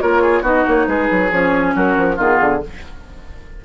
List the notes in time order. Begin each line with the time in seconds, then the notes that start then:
0.00 A#3 F4 A#4 C#5
0.22 G#4
0.41 B3 D#4 F#4 D#5
0.67 A#3 C#5
0.87 G#3 G#4 B4
1.10 F#3
1.31 F3 C#4 C#5
1.75 F#3 F#4 A#4
1.96 F3
2.15 D#3 B3 F4 G#4
2.40 D3